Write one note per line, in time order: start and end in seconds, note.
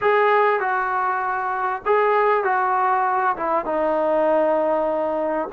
0.01 0.60 G#4
0.60 1.82 F#4
1.85 2.44 G#4
2.44 3.36 F#4
3.36 3.65 E4
3.65 5.49 D#4